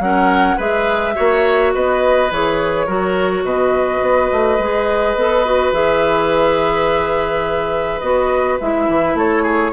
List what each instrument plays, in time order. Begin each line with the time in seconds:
0.00 bassoon F#3, clarinet C#4, oboe A#4, flute F#5
0.58 bassoon G#3, clarinet G#4, oboe B4, flute E5
1.15 bassoon A#3, clarinet F#4, oboe C#5
1.75 bassoon B3, oboe B4, flute D#5
2.32 bassoon E3, clarinet G#4, flute C#5
2.87 bassoon F#3, clarinet F#4, oboe A#4
3.44 bassoon B2, oboe B4, flute D#5
4.02 bassoon B3
4.32 bassoon A3
4.59 bassoon G#3, clarinet G#4
5.16 bassoon B3, clarinet A4
5.46 clarinet F#4
5.72 bassoon E3, clarinet G#4, flute E5
8.00 bassoon B3, clarinet F#4, flute D#5
8.61 bassoon G#3, clarinet E4, flute E5
8.88 bassoon E3
9.15 bassoon A3, oboe A4, flute C#5
9.43 oboe G#4